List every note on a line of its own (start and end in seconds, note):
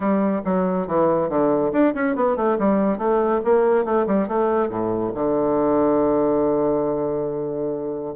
0.00 0.41 G3
0.44 0.87 F#3
0.87 1.29 E3
1.29 1.72 D3
1.72 1.93 D4
1.94 2.15 C#4
2.15 2.36 B3
2.36 2.57 A3
2.59 2.97 G3
2.97 3.40 A3
3.44 3.85 A#3
3.85 4.06 A3
4.06 4.28 G3
4.28 4.69 A3
4.69 5.12 A2
5.14 8.14 D3